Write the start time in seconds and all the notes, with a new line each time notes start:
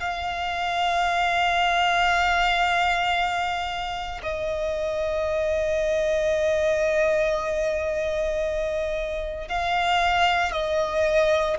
0.00 F5
4.23 D#5
9.49 F5
10.52 D#5